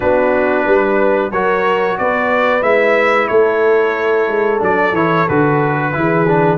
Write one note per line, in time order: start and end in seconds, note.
0.00 0.66 B3
0.00 1.31 D4
0.00 0.65 F#4
0.00 1.31 B4
0.65 1.31 G3
0.65 1.31 B4
1.31 1.97 F#3
1.31 2.61 F#4
1.31 1.98 A#4
1.31 1.97 C#5
1.98 2.62 B3
1.98 3.30 B4
1.98 2.62 D5
2.61 3.28 G#3
2.61 4.58 E4
2.61 3.27 E5
3.27 4.28 A3
3.27 5.94 A4
3.27 4.59 C#5
4.28 4.61 G#3
4.58 4.92 F#3
4.58 4.91 D4
4.58 4.95 D5
4.92 5.25 E3
4.92 5.28 E4
4.92 5.28 C#5
5.28 5.95 D3
5.28 5.92 F#4
5.28 6.58 B4
5.92 6.58 E3
5.92 6.25 E4
5.92 6.58 G#4
6.27 6.58 D4